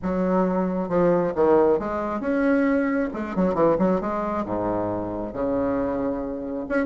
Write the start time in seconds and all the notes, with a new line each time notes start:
0.02 F#3
0.88 F3
1.35 D#3
1.79 G#3
2.20 C#4
3.13 G#3
3.35 F#3
3.54 E3
3.78 F#3
4.01 G#3
4.45 G#2
5.33 C#3
6.68 C#4